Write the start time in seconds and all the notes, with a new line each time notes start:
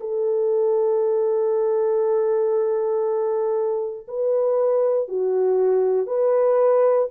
0.00 A4
4.08 B4
5.08 F#4
6.06 B4